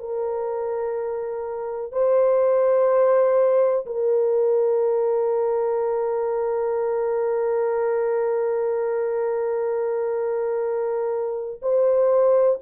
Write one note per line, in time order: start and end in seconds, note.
0.00 1.92 A#4
1.92 3.86 C5
3.86 11.60 A#4
11.62 12.59 C5